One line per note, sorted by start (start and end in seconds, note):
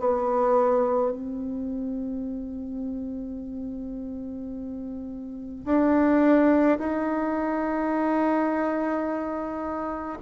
0.00 1.13 B3
1.13 5.66 C4
5.66 6.79 D4
6.79 10.19 D#4